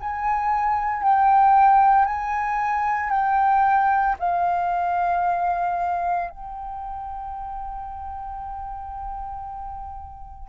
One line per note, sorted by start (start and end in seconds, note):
0.00 1.03 G#5
1.03 2.05 G5
2.05 3.10 G#5
3.10 4.15 G5
4.19 6.30 F5
6.30 10.48 G5